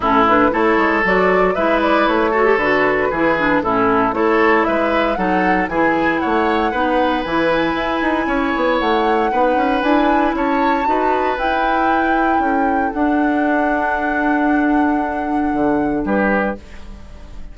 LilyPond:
<<
  \new Staff \with { instrumentName = "flute" } { \time 4/4 \tempo 4 = 116 a'8 b'8 cis''4 d''4 e''8 d''8 | cis''4 b'2 a'4 | cis''4 e''4 fis''4 gis''4 | fis''2 gis''2~ |
gis''4 fis''2 gis''4 | a''2 g''2~ | g''4 fis''2.~ | fis''2. b'4 | }
  \new Staff \with { instrumentName = "oboe" } { \time 4/4 e'4 a'2 b'4~ | b'8 a'4. gis'4 e'4 | a'4 b'4 a'4 gis'4 | cis''4 b'2. |
cis''2 b'2 | cis''4 b'2. | a'1~ | a'2. g'4 | }
  \new Staff \with { instrumentName = "clarinet" } { \time 4/4 cis'8 d'8 e'4 fis'4 e'4~ | e'8 fis'16 g'16 fis'4 e'8 d'8 cis'4 | e'2 dis'4 e'4~ | e'4 dis'4 e'2~ |
e'2 dis'4 e'4~ | e'4 fis'4 e'2~ | e'4 d'2.~ | d'1 | }
  \new Staff \with { instrumentName = "bassoon" } { \time 4/4 a,4 a8 gis8 fis4 gis4 | a4 d4 e4 a,4 | a4 gis4 fis4 e4 | a4 b4 e4 e'8 dis'8 |
cis'8 b8 a4 b8 cis'8 d'4 | cis'4 dis'4 e'2 | cis'4 d'2.~ | d'2 d4 g4 | }
>>